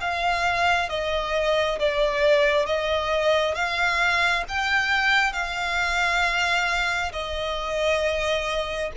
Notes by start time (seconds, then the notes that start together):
0.00 F5
0.89 D#5
1.79 D5
2.66 D#5
3.55 F5
4.48 G5
5.33 F5
7.12 D#5